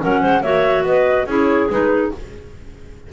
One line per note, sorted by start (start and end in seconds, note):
0.00 0.24 F#3
0.00 0.42 C#4
0.00 0.21 A#4
0.00 0.43 F#5
0.21 0.42 G#3
0.21 0.42 C5
0.42 0.83 A#3
0.42 1.28 F#4
0.42 0.85 C#5
0.42 0.85 E5
0.83 1.25 B3
0.83 1.28 B4
0.83 1.28 D#5
1.26 1.68 C#4
1.26 1.70 E4
1.26 2.12 G#4
1.26 1.71 C#5
1.70 2.12 G#3
1.70 2.12 D#4
1.70 2.13 B4